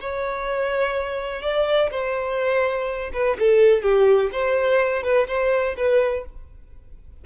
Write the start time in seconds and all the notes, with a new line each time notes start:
0.00 C#5
1.42 D5
1.90 C5
3.13 B4
3.39 A4
3.82 G4
4.32 C5
5.03 B4
5.28 C5
5.77 B4